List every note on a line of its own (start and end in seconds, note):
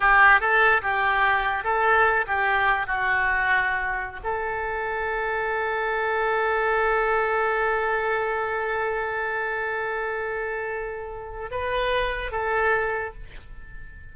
0.00 0.40 G4
0.40 0.81 A4
0.82 1.63 G4
1.63 2.25 A4
2.26 2.86 G4
2.86 4.20 F#4
4.23 11.51 A4
11.51 12.31 B4
12.31 13.14 A4